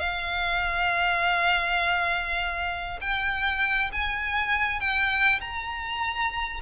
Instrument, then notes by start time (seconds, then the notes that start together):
violin
0.00 F5
3.01 G5
3.92 G#5
4.81 G5
5.41 A#5